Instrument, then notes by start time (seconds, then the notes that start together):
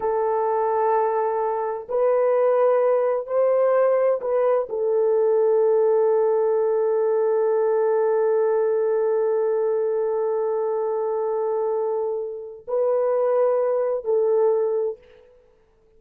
horn
0.00 A4
1.88 B4
3.26 C5
4.21 B4
4.69 A4
12.67 B4
14.04 A4